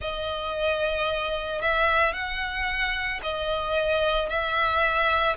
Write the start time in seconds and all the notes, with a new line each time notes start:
0.00 D#5
1.61 E5
2.13 F#5
3.22 D#5
4.29 E5